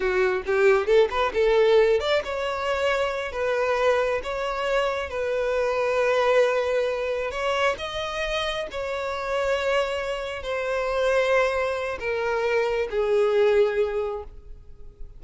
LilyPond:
\new Staff \with { instrumentName = "violin" } { \time 4/4 \tempo 4 = 135 fis'4 g'4 a'8 b'8 a'4~ | a'8 d''8 cis''2~ cis''8 b'8~ | b'4. cis''2 b'8~ | b'1~ |
b'8 cis''4 dis''2 cis''8~ | cis''2.~ cis''8 c''8~ | c''2. ais'4~ | ais'4 gis'2. | }